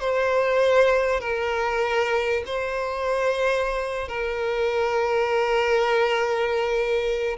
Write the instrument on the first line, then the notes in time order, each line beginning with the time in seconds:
violin
0.00 C5
1.20 A#4
2.46 C5
4.08 A#4